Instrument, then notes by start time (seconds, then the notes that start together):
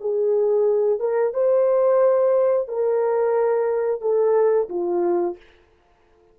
horn
0.00 G#4
1.00 A#4
1.34 C5
2.68 A#4
4.01 A4
4.69 F4